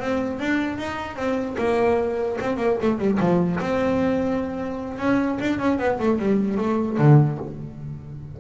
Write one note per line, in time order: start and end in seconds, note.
0.00 0.40 C4
0.40 0.78 D4
0.78 1.16 D#4
1.16 1.56 C4
1.58 2.38 A#3
2.41 2.57 C4
2.57 2.77 A#3
2.82 2.99 A3
2.99 3.19 G3
3.20 3.60 F3
3.60 4.99 C4
4.99 5.39 C#4
5.40 5.59 D4
5.59 5.79 C#4
5.79 5.99 B3
6.00 6.19 A3
6.19 6.58 G3
6.58 6.98 A3
6.98 7.38 D3